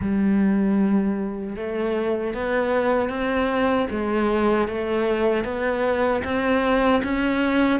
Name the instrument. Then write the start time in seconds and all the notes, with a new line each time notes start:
cello
0.01 G3
1.56 A3
2.33 B3
3.09 C4
3.90 G#3
4.68 A3
5.44 B3
6.23 C4
7.03 C#4